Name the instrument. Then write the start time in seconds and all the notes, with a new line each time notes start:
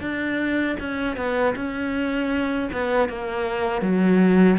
cello
0.00 D4
0.79 C#4
1.16 B3
1.55 C#4
2.72 B3
3.08 A#3
3.81 F#3